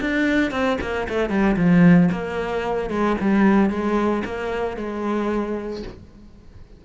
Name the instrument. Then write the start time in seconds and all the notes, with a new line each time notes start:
cello
0.00 D4
0.51 C4
0.81 A#3
1.09 A3
1.29 G3
1.56 F3
2.12 A#3
2.90 G#3
3.21 G3
3.70 G#3
4.25 A#3
4.77 G#3